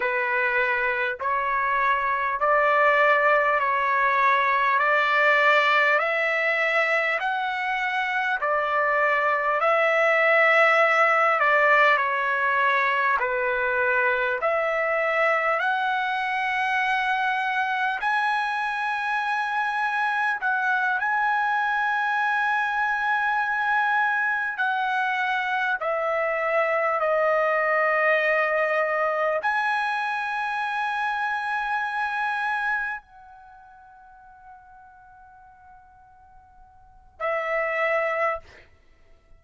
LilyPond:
\new Staff \with { instrumentName = "trumpet" } { \time 4/4 \tempo 4 = 50 b'4 cis''4 d''4 cis''4 | d''4 e''4 fis''4 d''4 | e''4. d''8 cis''4 b'4 | e''4 fis''2 gis''4~ |
gis''4 fis''8 gis''2~ gis''8~ | gis''8 fis''4 e''4 dis''4.~ | dis''8 gis''2. fis''8~ | fis''2. e''4 | }